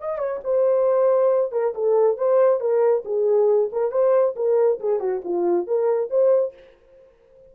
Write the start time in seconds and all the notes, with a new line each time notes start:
0.00 D#5
0.18 C#5
0.44 C5
1.52 A#4
1.75 A4
2.17 C5
2.60 A#4
3.05 G#4
3.72 A#4
3.91 C5
4.36 A#4
4.80 G#4
5.00 F#4
5.24 F4
5.67 A#4
6.10 C5